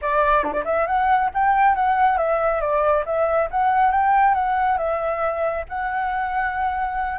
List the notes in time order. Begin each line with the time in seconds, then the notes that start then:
0.01 D5
0.43 D4
0.52 D5
0.64 E5
0.87 F#5
1.33 G5
1.75 F#5
2.17 E5
2.60 D5
3.05 E5
3.51 F#5
3.91 G5
4.34 F#5
4.77 E5
5.68 F#5